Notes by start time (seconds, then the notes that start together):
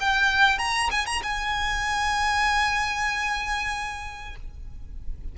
0.00 G5
0.59 A#5
0.91 G#5
1.06 A#5
1.23 G#5